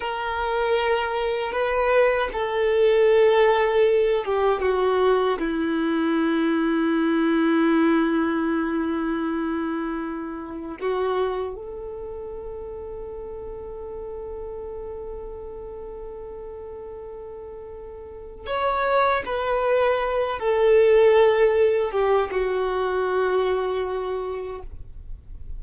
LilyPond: \new Staff \with { instrumentName = "violin" } { \time 4/4 \tempo 4 = 78 ais'2 b'4 a'4~ | a'4. g'8 fis'4 e'4~ | e'1~ | e'2 fis'4 a'4~ |
a'1~ | a'1 | cis''4 b'4. a'4.~ | a'8 g'8 fis'2. | }